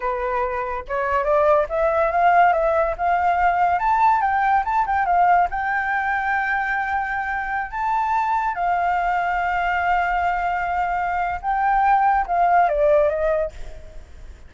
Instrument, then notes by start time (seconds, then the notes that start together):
flute
0.00 B4
0.88 C#5
1.24 D5
1.69 E5
2.11 F5
2.53 E5
2.97 F5
3.79 A5
4.21 G5
4.64 A5
4.86 G5
5.05 F5
5.50 G5
7.71 A5
8.54 F5
11.41 G5
12.26 F5
12.69 D5
13.09 D#5